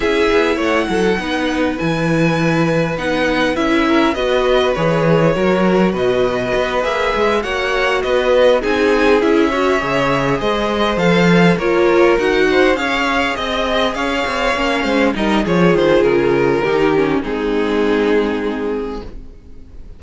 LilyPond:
<<
  \new Staff \with { instrumentName = "violin" } { \time 4/4 \tempo 4 = 101 e''4 fis''2 gis''4~ | gis''4 fis''4 e''4 dis''4 | cis''2 dis''4. e''8~ | e''8 fis''4 dis''4 gis''4 e''8~ |
e''4. dis''4 f''4 cis''8~ | cis''8 fis''4 f''4 dis''4 f''8~ | f''4. dis''8 cis''8 c''8 ais'4~ | ais'4 gis'2. | }
  \new Staff \with { instrumentName = "violin" } { \time 4/4 gis'4 cis''8 a'8 b'2~ | b'2~ b'8 ais'8 b'4~ | b'4 ais'4 b'2~ | b'8 cis''4 b'4 gis'4. |
cis''4. c''2 ais'8~ | ais'4 c''8 cis''4 dis''4 cis''8~ | cis''4 c''8 ais'8 gis'2 | g'4 dis'2. | }
  \new Staff \with { instrumentName = "viola" } { \time 4/4 e'2 dis'4 e'4~ | e'4 dis'4 e'4 fis'4 | gis'4 fis'2~ fis'8 gis'8~ | gis'8 fis'2 dis'4 e'8 |
fis'8 gis'2 a'4 f'8~ | f'8 fis'4 gis'2~ gis'8~ | gis'8 cis'4 dis'8 f'2 | dis'8 cis'8 c'2. | }
  \new Staff \with { instrumentName = "cello" } { \time 4/4 cis'8 b8 a8 fis8 b4 e4~ | e4 b4 cis'4 b4 | e4 fis4 b,4 b8 ais8 | gis8 ais4 b4 c'4 cis'8~ |
cis'8 cis4 gis4 f4 ais8~ | ais8 dis'4 cis'4 c'4 cis'8 | c'8 ais8 gis8 g8 f8 dis8 cis4 | dis4 gis2. | }
>>